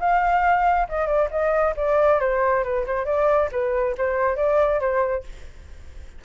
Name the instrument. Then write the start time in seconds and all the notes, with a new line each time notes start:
flute
0.00 F5
0.89 D#5
1.07 D5
1.31 D#5
1.77 D5
2.20 C5
2.64 B4
2.87 C5
3.06 D5
3.52 B4
3.98 C5
4.36 D5
4.80 C5